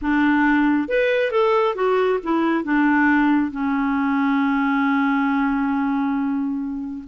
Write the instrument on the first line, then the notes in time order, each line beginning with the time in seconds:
clarinet
0.01 D4
0.88 B4
1.31 A4
1.75 F#4
2.23 E4
2.64 D4
3.51 C#4